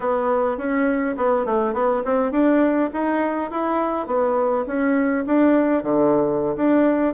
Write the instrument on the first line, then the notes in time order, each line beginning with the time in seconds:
bassoon
0.00 B3
0.57 C#4
1.17 B3
1.45 A3
1.73 B3
2.04 C4
2.31 D4
2.93 D#4
3.50 E4
4.06 B3
4.66 C#4
5.26 D4
5.83 D3
6.56 D4